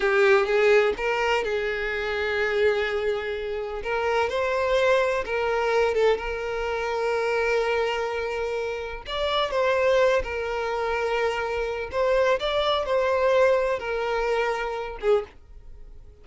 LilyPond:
\new Staff \with { instrumentName = "violin" } { \time 4/4 \tempo 4 = 126 g'4 gis'4 ais'4 gis'4~ | gis'1 | ais'4 c''2 ais'4~ | ais'8 a'8 ais'2.~ |
ais'2. d''4 | c''4. ais'2~ ais'8~ | ais'4 c''4 d''4 c''4~ | c''4 ais'2~ ais'8 gis'8 | }